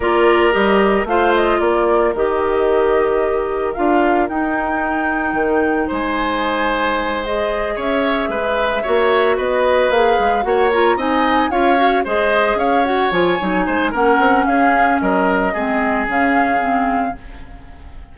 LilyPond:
<<
  \new Staff \with { instrumentName = "flute" } { \time 4/4 \tempo 4 = 112 d''4 dis''4 f''8 dis''8 d''4 | dis''2. f''4 | g''2. gis''4~ | gis''4. dis''4 e''4.~ |
e''4. dis''4 f''4 fis''8 | ais''8 gis''4 f''4 dis''4 f''8 | fis''8 gis''4. fis''4 f''4 | dis''2 f''2 | }
  \new Staff \with { instrumentName = "oboe" } { \time 4/4 ais'2 c''4 ais'4~ | ais'1~ | ais'2. c''4~ | c''2~ c''8 cis''4 b'8~ |
b'8 cis''4 b'2 cis''8~ | cis''8 dis''4 cis''4 c''4 cis''8~ | cis''4. c''8 ais'4 gis'4 | ais'4 gis'2. | }
  \new Staff \with { instrumentName = "clarinet" } { \time 4/4 f'4 g'4 f'2 | g'2. f'4 | dis'1~ | dis'4. gis'2~ gis'8~ |
gis'8 fis'2 gis'4 fis'8 | f'8 dis'4 f'8 fis'8 gis'4. | fis'8 f'8 dis'4 cis'2~ | cis'4 c'4 cis'4 c'4 | }
  \new Staff \with { instrumentName = "bassoon" } { \time 4/4 ais4 g4 a4 ais4 | dis2. d'4 | dis'2 dis4 gis4~ | gis2~ gis8 cis'4 gis8~ |
gis8 ais4 b4 ais8 gis8 ais8~ | ais8 c'4 cis'4 gis4 cis'8~ | cis'8 f8 fis8 gis8 ais8 c'8 cis'4 | fis4 gis4 cis2 | }
>>